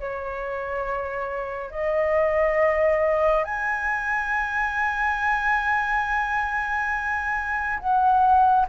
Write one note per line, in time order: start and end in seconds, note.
0.00 1.71 C#5
1.71 3.44 D#5
3.44 7.79 G#5
7.79 8.66 F#5